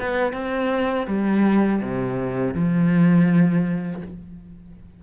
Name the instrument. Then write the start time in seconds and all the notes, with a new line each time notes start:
cello
0.00 B3
0.33 C4
1.07 G3
1.82 C3
2.54 F3